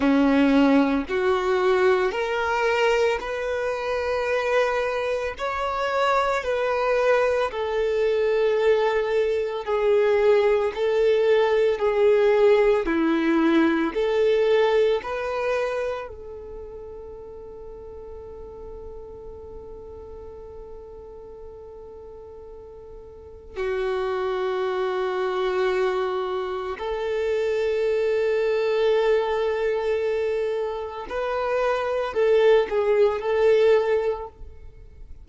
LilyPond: \new Staff \with { instrumentName = "violin" } { \time 4/4 \tempo 4 = 56 cis'4 fis'4 ais'4 b'4~ | b'4 cis''4 b'4 a'4~ | a'4 gis'4 a'4 gis'4 | e'4 a'4 b'4 a'4~ |
a'1~ | a'2 fis'2~ | fis'4 a'2.~ | a'4 b'4 a'8 gis'8 a'4 | }